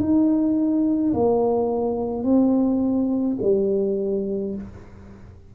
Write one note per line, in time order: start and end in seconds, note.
0.00 1.13 D#4
1.14 2.24 A#3
2.24 3.37 C4
3.42 4.55 G3